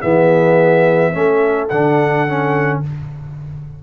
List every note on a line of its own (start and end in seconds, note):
0.00 1.14 E3
0.00 1.12 B3
0.00 1.11 G#4
0.00 1.68 E5
1.12 1.70 A3
1.12 1.68 C#4
1.12 2.82 A4
1.68 2.82 D3
1.68 2.27 D4
1.68 2.80 F#5
2.27 2.83 C#4